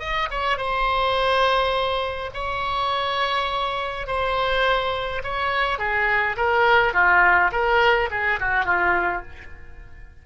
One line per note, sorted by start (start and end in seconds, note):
0.00 0.29 D#5
0.31 0.58 C#5
0.58 2.31 C5
2.34 4.07 C#5
4.07 5.23 C5
5.24 5.79 C#5
5.79 6.37 G#4
6.37 6.94 A#4
6.94 7.52 F4
7.52 8.10 A#4
8.11 8.40 G#4
8.40 8.65 F#4
8.65 9.23 F4